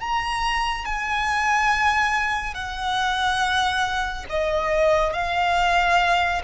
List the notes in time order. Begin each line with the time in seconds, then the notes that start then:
0.00 A#5
0.86 G#5
2.54 F#5
4.29 D#5
5.13 F5